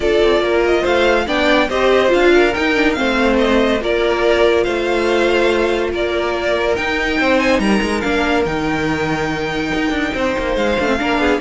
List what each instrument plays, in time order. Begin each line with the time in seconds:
0.00 cello D4, viola F4, violin A4 D5
0.23 cello C4
0.40 cello A#3, violin A#4
0.65 violin D#5
0.81 cello A3, violin C5 F5
1.26 cello B3, viola D4, violin D5 G5
1.68 cello C4, viola G4, violin C5 D#5
2.08 cello D4, viola F4, violin F5
2.33 violin A#4
2.54 viola D#4, cello D#4, violin G5
2.74 viola D4
2.92 viola C4, violin F5
2.98 cello A3, violin C5
3.38 violin D#5
3.81 cello A#3, viola F4, violin A#4 D5
4.63 cello A3, violin C5 F5
5.91 cello A#3, violin A#4 D5
6.75 viola D#4, cello D#4, violin G5
7.19 cello C4, violin C5
7.39 violin G#5
7.59 cello G3, violin A#4 A#5
7.82 cello G#3
8.01 cello A#3, viola D4, violin F5
8.45 cello D#3, viola D#4, violin G5
9.74 cello D#4
9.90 cello D4
10.13 cello C4, violin C5
10.38 cello A#3
10.56 cello G#3, violin F5
10.79 cello A3, viola D4
10.86 viola C4
10.99 cello A#3, viola D4, violin A#4
11.18 cello B3, violin G#4